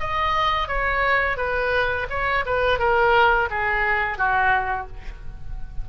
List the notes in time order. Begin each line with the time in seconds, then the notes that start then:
0.00 D#5
0.68 C#5
1.38 B4
2.10 C#5
2.46 B4
2.79 A#4
3.50 G#4
4.18 F#4